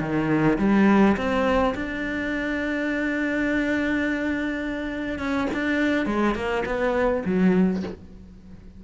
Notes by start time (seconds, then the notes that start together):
0.00 D#3
0.58 G3
1.17 C4
1.75 D4
5.18 C#4
5.54 D4
6.06 G#3
6.35 A#3
6.66 B3
7.25 F#3